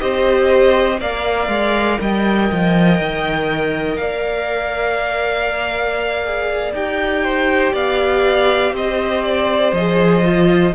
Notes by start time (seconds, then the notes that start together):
0.00 C4 G4 C5 D#5
1.00 A#3 A#4 D5 F5
1.49 G#3
2.01 G3 D#5 G5
2.52 F3
3.00 D#3
3.97 A#3 D5 F5
6.25 G#4
6.73 D#4 G4 G5
7.24 C5
7.74 B3 D5 F5
8.73 C4 C5 D#5
9.24 D5
9.73 F3 G#4 D#5
10.24 F4